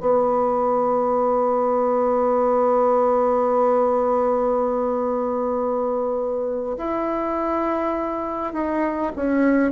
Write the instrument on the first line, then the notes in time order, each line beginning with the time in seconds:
bassoon
0.00 B3
6.77 E4
8.53 D#4
9.16 C#4